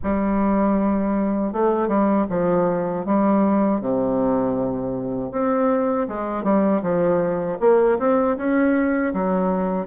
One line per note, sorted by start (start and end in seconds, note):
0.03 1.53 G3
1.53 1.87 A3
1.87 2.25 G3
2.29 3.05 F3
3.05 3.80 G3
3.80 5.31 C3
5.31 6.07 C4
6.08 6.43 G#3
6.43 6.81 G3
6.82 7.58 F3
7.59 7.97 A#3
7.98 8.36 C4
8.37 9.13 C#4
9.13 9.86 F#3